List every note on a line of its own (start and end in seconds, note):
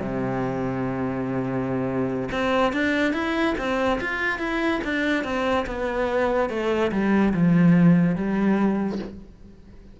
0.00 2.29 C3
2.31 2.72 C4
2.72 3.13 D4
3.13 3.55 E4
3.58 3.99 C4
4.01 4.39 F4
4.39 4.80 E4
4.84 5.24 D4
5.24 5.66 C4
5.66 6.49 B3
6.49 6.91 A3
6.91 7.33 G3
7.33 8.16 F3
8.16 8.99 G3